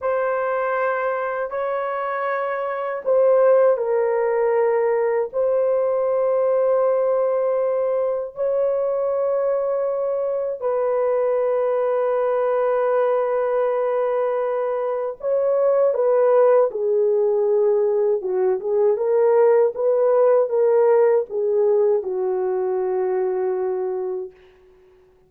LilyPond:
\new Staff \with { instrumentName = "horn" } { \time 4/4 \tempo 4 = 79 c''2 cis''2 | c''4 ais'2 c''4~ | c''2. cis''4~ | cis''2 b'2~ |
b'1 | cis''4 b'4 gis'2 | fis'8 gis'8 ais'4 b'4 ais'4 | gis'4 fis'2. | }